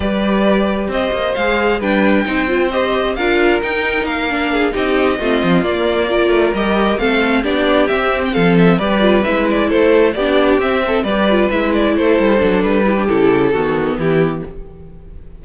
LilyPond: <<
  \new Staff \with { instrumentName = "violin" } { \time 4/4 \tempo 4 = 133 d''2 dis''4 f''4 | g''2 dis''4 f''4 | g''4 f''4. dis''4.~ | dis''8 d''2 dis''4 f''8~ |
f''8 d''4 e''8. g''16 f''8 e''8 d''8~ | d''8 e''8 d''8 c''4 d''4 e''8~ | e''8 d''4 e''8 d''8 c''4. | b'4 a'2 g'4 | }
  \new Staff \with { instrumentName = "violin" } { \time 4/4 b'2 c''2 | b'4 c''2 ais'4~ | ais'2 gis'8 g'4 f'8~ | f'4. ais'2 a'8~ |
a'8 g'2 a'4 b'8~ | b'4. a'4 g'4. | a'8 b'2 a'4.~ | a'8 g'4. fis'4 e'4 | }
  \new Staff \with { instrumentName = "viola" } { \time 4/4 g'2. gis'4 | d'4 dis'8 f'8 g'4 f'4 | dis'4. d'4 dis'4 c'8~ | c'8 ais4 f'4 g'4 c'8~ |
c'8 d'4 c'2 g'8 | f'8 e'2 d'4 c'8~ | c'8 g'8 f'8 e'2 d'8~ | d'8 e'16 d'16 e'4 b2 | }
  \new Staff \with { instrumentName = "cello" } { \time 4/4 g2 c'8 ais8 gis4 | g4 c'2 d'4 | dis'4 ais4. c'4 a8 | f8 ais4. a8 g4 a8~ |
a8 b4 c'4 f4 g8~ | g8 gis4 a4 b4 c'8~ | c'8 g4 gis4 a8 g8 fis8 | g4 cis4 dis4 e4 | }
>>